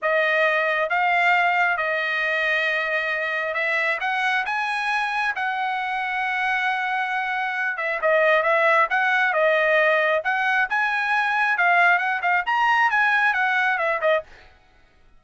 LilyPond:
\new Staff \with { instrumentName = "trumpet" } { \time 4/4 \tempo 4 = 135 dis''2 f''2 | dis''1 | e''4 fis''4 gis''2 | fis''1~ |
fis''4. e''8 dis''4 e''4 | fis''4 dis''2 fis''4 | gis''2 f''4 fis''8 f''8 | ais''4 gis''4 fis''4 e''8 dis''8 | }